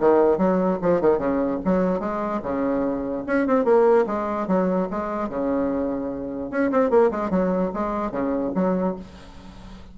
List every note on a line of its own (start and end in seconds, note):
0.00 0.38 D#3
0.38 0.78 F#3
0.82 1.01 F3
1.01 1.18 D#3
1.18 1.59 C#3
1.64 2.00 F#3
2.00 2.41 G#3
2.42 3.24 C#3
3.26 3.47 C#4
3.47 3.64 C4
3.64 4.05 A#3
4.06 4.47 G#3
4.47 4.88 F#3
4.90 5.29 G#3
5.29 6.50 C#3
6.50 6.71 C#4
6.71 6.90 C4
6.90 7.11 A#3
7.11 7.30 G#3
7.30 7.71 F#3
7.74 8.11 G#3
8.11 8.52 C#3
8.55 8.96 F#3